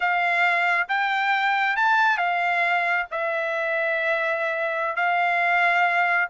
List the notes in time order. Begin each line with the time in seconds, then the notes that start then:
0.00 F5
0.88 G5
1.76 A5
2.17 F5
3.11 E5
4.96 F5